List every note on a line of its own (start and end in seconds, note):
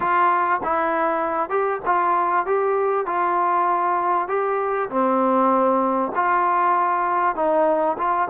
0.00 0.60 F4
0.63 1.49 E4
1.49 1.80 G4
1.85 2.46 F4
2.46 3.06 G4
3.06 4.27 F4
4.27 4.89 G4
4.89 6.12 C4
6.15 7.35 F4
7.35 7.96 D#4
7.98 8.28 F4